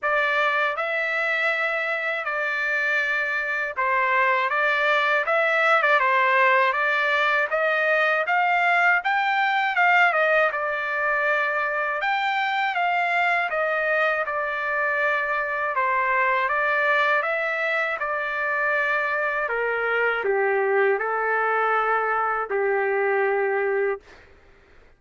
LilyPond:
\new Staff \with { instrumentName = "trumpet" } { \time 4/4 \tempo 4 = 80 d''4 e''2 d''4~ | d''4 c''4 d''4 e''8. d''16 | c''4 d''4 dis''4 f''4 | g''4 f''8 dis''8 d''2 |
g''4 f''4 dis''4 d''4~ | d''4 c''4 d''4 e''4 | d''2 ais'4 g'4 | a'2 g'2 | }